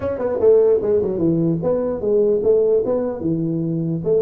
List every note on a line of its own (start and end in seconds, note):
0.00 0.18 C#4
0.18 0.38 B3
0.40 0.80 A3
0.81 1.01 G#3
1.02 1.18 F#3
1.18 1.58 E3
1.62 2.00 B3
2.00 2.41 G#3
2.43 2.83 A3
2.85 3.20 B3
3.20 4.01 E3
4.04 4.22 A3